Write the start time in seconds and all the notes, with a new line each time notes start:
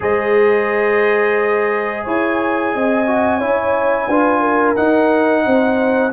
0.00 G#3 G#4 C5 D#5
2.04 E4 C#5 G#5
2.74 C4 D#5
3.07 F#4
3.38 C#4 E4 C#5
4.07 D4 F4 B4
4.40 A#4
4.76 D#4 F#5
5.45 C4 C5